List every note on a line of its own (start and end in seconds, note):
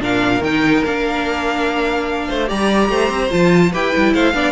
0.00 0.41 A#2
0.00 0.42 D4
0.00 2.28 A#4
0.00 0.44 F5
0.41 0.82 D#3
0.41 0.86 D#4
0.41 0.85 G5
0.85 2.29 A#3
0.85 2.47 D4
0.85 2.50 F5
2.28 2.51 A3
2.28 2.49 C5
2.47 2.90 G3
2.47 3.29 G4
2.47 2.90 D5
2.47 3.32 A#5
2.90 3.10 A3
2.90 3.72 C5
3.10 3.30 C4
3.31 3.74 F3
3.31 3.72 F4
3.31 3.73 A5
3.72 3.95 E4
3.72 3.93 G4
3.72 4.13 B4
3.72 4.15 G5
3.93 4.15 G3
3.93 4.34 E4
4.14 4.34 A3
4.14 4.34 C5
4.14 4.52 F5
4.34 4.52 B3
4.34 4.52 D4
4.34 4.52 D5